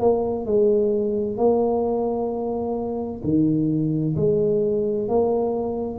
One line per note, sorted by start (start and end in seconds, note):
0.00 0.46 A#3
0.46 1.37 G#3
1.37 3.22 A#3
3.23 4.16 D#3
4.16 5.08 G#3
5.08 5.99 A#3